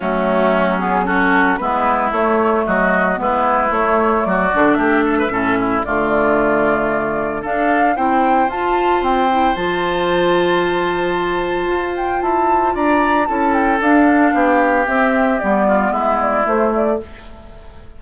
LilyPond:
<<
  \new Staff \with { instrumentName = "flute" } { \time 4/4 \tempo 4 = 113 fis'4. gis'8 a'4 b'4 | cis''4 dis''4 b'4 cis''4 | d''4 e''2 d''4~ | d''2 f''4 g''4 |
a''4 g''4 a''2~ | a''2~ a''8 g''8 a''4 | ais''4 a''8 g''8 f''2 | e''4 d''4 e''8 d''8 c''8 d''8 | }
  \new Staff \with { instrumentName = "oboe" } { \time 4/4 cis'2 fis'4 e'4~ | e'4 fis'4 e'2 | fis'4 g'8 a'16 b'16 a'8 e'8 f'4~ | f'2 a'4 c''4~ |
c''1~ | c''1 | d''4 a'2 g'4~ | g'4. f'8 e'2 | }
  \new Staff \with { instrumentName = "clarinet" } { \time 4/4 a4. b8 cis'4 b4 | a2 b4 a4~ | a8 d'4. cis'4 a4~ | a2 d'4 e'4 |
f'4. e'8 f'2~ | f'1~ | f'4 e'4 d'2 | c'4 b2 a4 | }
  \new Staff \with { instrumentName = "bassoon" } { \time 4/4 fis2. gis4 | a4 fis4 gis4 a4 | fis8 d8 a4 a,4 d4~ | d2 d'4 c'4 |
f'4 c'4 f2~ | f2 f'4 e'4 | d'4 cis'4 d'4 b4 | c'4 g4 gis4 a4 | }
>>